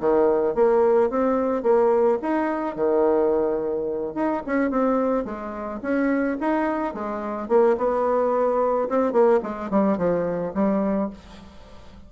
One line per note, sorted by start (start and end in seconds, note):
0.00 0.55 D#3
0.55 1.10 A#3
1.10 1.63 C4
1.63 2.19 A#3
2.22 2.76 D#4
2.76 4.15 D#3
4.15 4.42 D#4
4.47 4.70 C#4
4.70 5.25 C4
5.25 5.81 G#3
5.82 6.38 C#4
6.41 6.94 D#4
6.94 7.49 G#3
7.49 7.77 A#3
7.78 8.89 B3
8.89 9.12 C4
9.12 9.40 A#3
9.43 9.70 G#3
9.70 9.98 G3
9.98 10.53 F3
10.55 11.10 G3